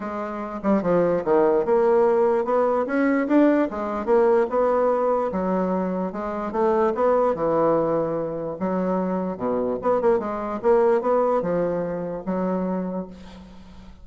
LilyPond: \new Staff \with { instrumentName = "bassoon" } { \time 4/4 \tempo 4 = 147 gis4. g8 f4 dis4 | ais2 b4 cis'4 | d'4 gis4 ais4 b4~ | b4 fis2 gis4 |
a4 b4 e2~ | e4 fis2 b,4 | b8 ais8 gis4 ais4 b4 | f2 fis2 | }